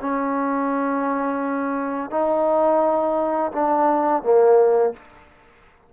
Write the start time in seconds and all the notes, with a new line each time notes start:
0.00 C#4
2.10 D#4
3.52 D4
4.22 A#3